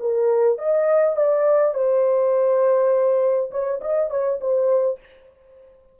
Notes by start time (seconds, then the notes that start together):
0.00 A#4
0.58 D#5
1.16 D5
1.74 C5
3.51 C#5
3.81 D#5
4.10 C#5
4.41 C5